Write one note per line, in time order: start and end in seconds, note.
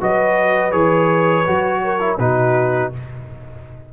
0.00 0.73 F#3
0.00 0.72 F#4
0.00 1.83 B4
0.00 0.72 D#5
0.72 1.46 E3
0.72 1.45 G#4
0.72 2.18 C#5
1.47 2.19 F#3
1.47 2.00 F#4
1.84 2.20 A#4
2.00 2.18 E4
2.19 2.92 B2
2.19 2.93 D#4
2.19 2.93 F#4
2.19 2.92 B4